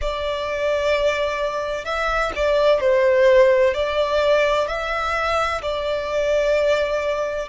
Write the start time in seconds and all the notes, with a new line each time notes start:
0.01 D5
1.85 E5
2.35 D5
2.80 C5
3.74 D5
4.67 E5
5.62 D5